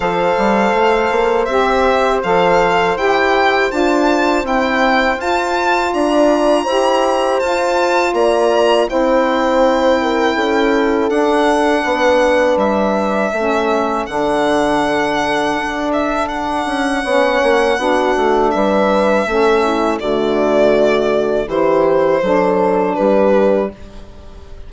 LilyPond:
<<
  \new Staff \with { instrumentName = "violin" } { \time 4/4 \tempo 4 = 81 f''2 e''4 f''4 | g''4 a''4 g''4 a''4 | ais''2 a''4 ais''4 | g''2. fis''4~ |
fis''4 e''2 fis''4~ | fis''4. e''8 fis''2~ | fis''4 e''2 d''4~ | d''4 c''2 b'4 | }
  \new Staff \with { instrumentName = "horn" } { \time 4/4 c''1~ | c''1 | d''4 c''2 d''4 | c''4. ais'8 a'2 |
b'2 a'2~ | a'2. cis''4 | fis'4 b'4 a'8 e'8 fis'4~ | fis'4 g'4 a'4 g'4 | }
  \new Staff \with { instrumentName = "saxophone" } { \time 4/4 a'2 g'4 a'4 | g'4 f'4 c'4 f'4~ | f'4 g'4 f'2 | e'2. d'4~ |
d'2 cis'4 d'4~ | d'2. cis'4 | d'2 cis'4 a4~ | a4 e'4 d'2 | }
  \new Staff \with { instrumentName = "bassoon" } { \time 4/4 f8 g8 a8 ais8 c'4 f4 | e'4 d'4 e'4 f'4 | d'4 e'4 f'4 ais4 | c'2 cis'4 d'4 |
b4 g4 a4 d4~ | d4 d'4. cis'8 b8 ais8 | b8 a8 g4 a4 d4~ | d4 e4 fis4 g4 | }
>>